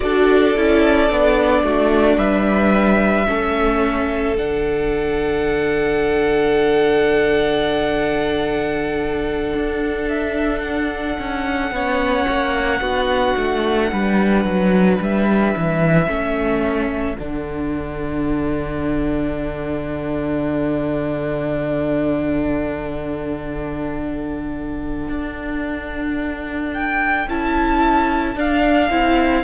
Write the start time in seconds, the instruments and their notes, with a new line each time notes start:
0.00 cello D4, viola F#4, violin A4 D5
0.55 cello C#4, viola E4
1.10 cello B3, viola D4
1.63 cello A3, violin F#4
2.17 cello G3, violin B4 E5
3.27 cello A3, viola C#4, violin A4
4.36 cello D3, viola D4, violin F#5
9.53 cello D4
10.08 violin E5
10.60 violin F#5
11.18 cello C#4
11.71 cello B3, viola C#4, violin C#5
12.28 cello A#3
12.80 cello B3, viola D4, violin F#4
13.37 cello A3
13.91 cello G3, violin B4
14.44 cello F#3
15.00 cello G3, violin E5
15.56 cello E3
16.07 cello A3, viola C#4, violin A4
17.16 cello D3, viola D4, violin F#5
25.08 cello D4
26.73 violin G5
27.27 cello C#4, viola E4, violin A5
28.35 cello D4, viola D4, violin F5
28.90 cello C4, viola E4